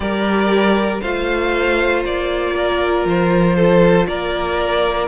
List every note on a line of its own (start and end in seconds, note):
0.00 1.00 G3
0.00 0.99 G4
0.00 1.01 A#4
0.00 1.00 D5
1.01 2.04 A3
1.01 5.07 F4
1.01 2.53 C5
1.01 2.03 F5
2.04 3.04 A#3
2.04 3.06 D5
2.56 3.56 A#4
3.04 4.06 F3
3.04 4.06 C5
3.56 4.06 A4
4.06 5.07 A#3
4.06 5.07 A#4
4.06 5.07 D5